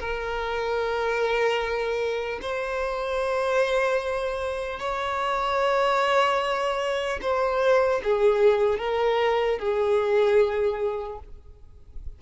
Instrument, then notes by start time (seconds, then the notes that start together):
violin
0.00 A#4
2.42 C5
4.80 C#5
7.22 C5
8.04 G#4
8.79 A#4
9.59 G#4